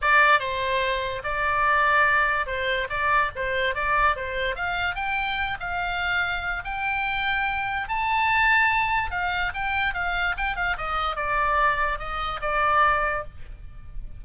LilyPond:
\new Staff \with { instrumentName = "oboe" } { \time 4/4 \tempo 4 = 145 d''4 c''2 d''4~ | d''2 c''4 d''4 | c''4 d''4 c''4 f''4 | g''4. f''2~ f''8 |
g''2. a''4~ | a''2 f''4 g''4 | f''4 g''8 f''8 dis''4 d''4~ | d''4 dis''4 d''2 | }